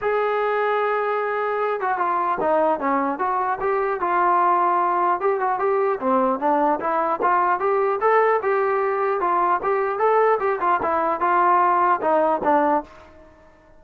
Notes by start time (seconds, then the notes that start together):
0.01 G#4
1.80 F#4
1.97 F4
2.40 D#4
2.79 C#4
3.19 F#4
3.60 G4
4.00 F4
5.20 G4
5.39 F#4
5.59 G4
5.99 C4
6.39 D4
6.80 E4
7.21 F4
7.59 G4
8.00 A4
8.42 G4
9.20 F4
9.62 G4
9.98 A4
10.39 G4
10.60 F4
10.82 E4
11.20 F4
12.01 D#4
12.43 D4